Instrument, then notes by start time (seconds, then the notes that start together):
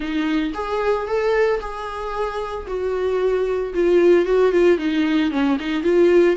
viola
0.00 D#4
0.54 G#4
1.07 A4
1.60 G#4
2.67 F#4
3.74 F4
4.25 F#4
4.52 F4
4.78 D#4
5.31 C#4
5.59 D#4
5.83 F4